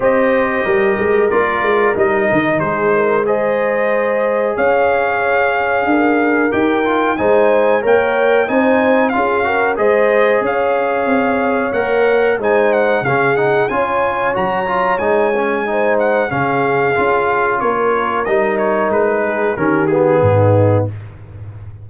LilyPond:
<<
  \new Staff \with { instrumentName = "trumpet" } { \time 4/4 \tempo 4 = 92 dis''2 d''4 dis''4 | c''4 dis''2 f''4~ | f''2 g''4 gis''4 | g''4 gis''4 f''4 dis''4 |
f''2 fis''4 gis''8 fis''8 | f''8 fis''8 gis''4 ais''4 gis''4~ | gis''8 fis''8 f''2 cis''4 | dis''8 cis''8 b'4 ais'8 gis'4. | }
  \new Staff \with { instrumentName = "horn" } { \time 4/4 c''4 ais'2. | gis'8 ais'8 c''2 cis''4~ | cis''4 ais'2 c''4 | cis''4 c''4 gis'8 ais'8 c''4 |
cis''2. c''4 | gis'4 cis''2. | c''4 gis'2 ais'4~ | ais'4. gis'8 g'4 dis'4 | }
  \new Staff \with { instrumentName = "trombone" } { \time 4/4 g'2 f'4 dis'4~ | dis'4 gis'2.~ | gis'2 g'8 f'8 dis'4 | ais'4 dis'4 f'8 fis'8 gis'4~ |
gis'2 ais'4 dis'4 | cis'8 dis'8 f'4 fis'8 f'8 dis'8 cis'8 | dis'4 cis'4 f'2 | dis'2 cis'8 b4. | }
  \new Staff \with { instrumentName = "tuba" } { \time 4/4 c'4 g8 gis8 ais8 gis8 g8 dis8 | gis2. cis'4~ | cis'4 d'4 dis'4 gis4 | ais4 c'4 cis'4 gis4 |
cis'4 c'4 ais4 gis4 | cis4 cis'4 fis4 gis4~ | gis4 cis4 cis'4 ais4 | g4 gis4 dis4 gis,4 | }
>>